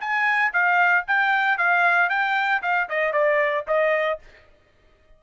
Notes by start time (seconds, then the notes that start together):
0.00 G#5
0.53 F5
1.07 G5
1.58 F5
2.09 G5
2.62 F5
2.89 D#5
3.13 D5
3.67 D#5